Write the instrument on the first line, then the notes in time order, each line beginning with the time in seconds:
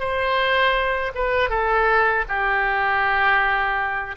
oboe
0.00 C5
1.15 B4
1.50 A4
2.29 G4